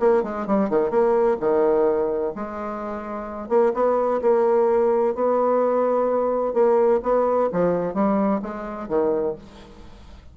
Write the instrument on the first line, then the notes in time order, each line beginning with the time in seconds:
bassoon
0.00 A#3
0.24 G#3
0.47 G3
0.70 D#3
0.91 A#3
1.40 D#3
2.36 G#3
3.49 A#3
3.75 B3
4.22 A#3
5.15 B3
6.54 A#3
7.03 B3
7.53 F3
7.95 G3
8.43 G#3
8.89 D#3